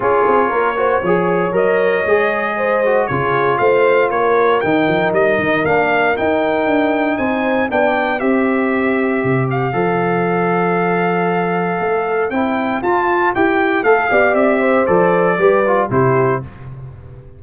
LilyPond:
<<
  \new Staff \with { instrumentName = "trumpet" } { \time 4/4 \tempo 4 = 117 cis''2. dis''4~ | dis''2 cis''4 f''4 | cis''4 g''4 dis''4 f''4 | g''2 gis''4 g''4 |
e''2~ e''8 f''4.~ | f''1 | g''4 a''4 g''4 f''4 | e''4 d''2 c''4 | }
  \new Staff \with { instrumentName = "horn" } { \time 4/4 gis'4 ais'8 c''8 cis''2~ | cis''4 c''4 gis'4 c''4 | ais'1~ | ais'2 c''4 d''4 |
c''1~ | c''1~ | c''2.~ c''8 d''8~ | d''8 c''4. b'4 g'4 | }
  \new Staff \with { instrumentName = "trombone" } { \time 4/4 f'4. fis'8 gis'4 ais'4 | gis'4. fis'8 f'2~ | f'4 dis'2 d'4 | dis'2. d'4 |
g'2. a'4~ | a'1 | e'4 f'4 g'4 a'8 g'8~ | g'4 a'4 g'8 f'8 e'4 | }
  \new Staff \with { instrumentName = "tuba" } { \time 4/4 cis'8 c'8 ais4 f4 fis4 | gis2 cis4 a4 | ais4 dis8 f8 g8 dis8 ais4 | dis'4 d'4 c'4 b4 |
c'2 c4 f4~ | f2. a4 | c'4 f'4 e'4 a8 b8 | c'4 f4 g4 c4 | }
>>